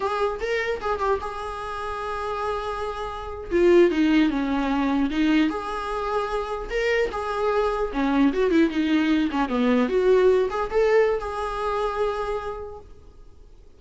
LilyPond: \new Staff \with { instrumentName = "viola" } { \time 4/4 \tempo 4 = 150 gis'4 ais'4 gis'8 g'8 gis'4~ | gis'1~ | gis'8. f'4 dis'4 cis'4~ cis'16~ | cis'8. dis'4 gis'2~ gis'16~ |
gis'8. ais'4 gis'2 cis'16~ | cis'8. fis'8 e'8 dis'4. cis'8 b16~ | b8. fis'4. gis'8 a'4~ a'16 | gis'1 | }